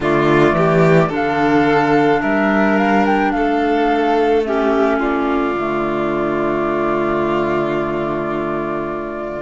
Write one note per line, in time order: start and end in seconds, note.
0.00 0.52 D3
0.00 1.10 A3
0.00 0.56 F4
0.00 1.12 D5
0.52 1.08 E3
0.52 1.09 G4
1.09 2.22 D3
1.09 4.44 D4
1.09 2.20 A4
1.09 2.22 F5
2.21 3.33 G3
2.21 3.32 A#4
2.21 2.77 E5
2.77 3.05 F5
3.05 3.31 G5
3.31 5.55 A3
3.31 4.46 A4
3.31 4.42 F5
4.44 5.55 C#4
4.44 4.99 G4
4.44 4.99 E5
4.99 9.42 F4
4.99 9.42 D5
5.55 9.42 D3
5.55 9.42 A3